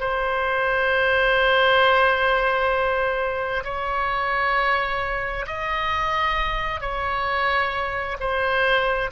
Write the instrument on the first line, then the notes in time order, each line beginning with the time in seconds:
oboe
0.00 C5
3.64 C#5
5.47 D#5
6.81 C#5
8.20 C5